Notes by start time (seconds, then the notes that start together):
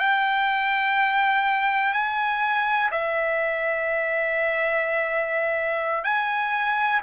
0.00 G5
1.94 G#5
2.92 E5
6.04 G#5